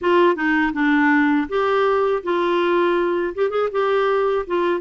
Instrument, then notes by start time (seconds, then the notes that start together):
clarinet
0.01 F4
0.35 D#4
0.73 D4
1.48 G4
2.23 F4
3.35 G4
3.50 G#4
3.71 G4
4.46 F4